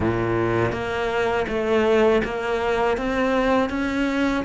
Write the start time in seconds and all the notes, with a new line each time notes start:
0.00 A#2
0.72 A#3
1.48 A3
2.24 A#3
2.97 C4
3.69 C#4